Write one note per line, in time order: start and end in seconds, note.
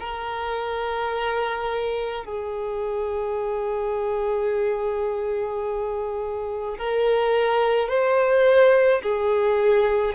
0.00 2.25 A#4
2.25 6.78 G#4
6.78 7.88 A#4
7.88 9.02 C5
9.03 10.14 G#4